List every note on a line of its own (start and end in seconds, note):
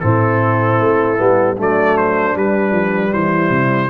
0.00 0.80 A2
0.00 1.17 C4
0.00 1.56 E4
0.00 1.56 A4
0.80 1.19 A3
1.17 1.59 G3
1.17 1.56 B3
1.56 2.35 F#3
1.56 2.35 A3
1.56 3.12 D4
1.56 1.97 D5
1.97 2.36 C5
2.35 2.71 G3
2.35 3.90 G3
2.35 3.13 B4
2.71 3.10 F3
3.12 3.50 E3
3.12 3.90 E4
3.12 3.90 C5
3.50 3.89 C3